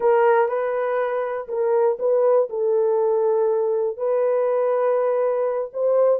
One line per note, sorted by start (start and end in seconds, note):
0.00 0.48 A#4
0.48 1.47 B4
1.47 1.97 A#4
1.99 2.48 B4
2.49 3.97 A4
3.97 5.70 B4
5.73 6.20 C5